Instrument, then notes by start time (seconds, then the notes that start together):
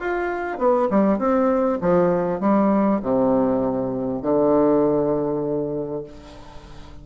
bassoon
0.00 F4
0.58 B3
0.90 G3
1.19 C4
1.81 F3
2.40 G3
3.02 C3
4.22 D3